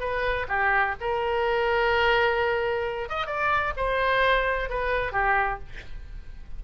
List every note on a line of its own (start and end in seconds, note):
0.00 0.47 B4
0.48 0.95 G4
1.00 3.09 A#4
3.09 3.27 D#5
3.27 3.73 D5
3.77 4.69 C5
4.69 5.12 B4
5.12 5.59 G4